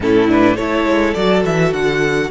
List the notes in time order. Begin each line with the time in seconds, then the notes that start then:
0.00 A2 C#4 E4 A4
0.27 D4 B4
0.55 A3 E4 A4 C#5
0.85 G#3
1.14 F#3 F#4 D5
1.45 E3 E5
1.72 D3 F#5